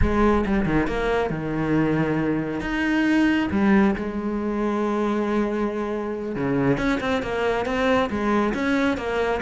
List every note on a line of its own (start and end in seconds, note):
0.01 0.44 G#3
0.46 0.65 G3
0.65 0.87 D#3
0.87 1.29 A#3
1.29 2.60 D#3
2.60 3.48 D#4
3.51 3.95 G3
3.95 6.35 G#3
6.35 6.77 C#3
6.77 6.99 C#4
7.00 7.22 C4
7.22 7.65 A#3
7.65 8.09 C4
8.09 8.53 G#3
8.54 8.97 C#4
8.97 9.41 A#3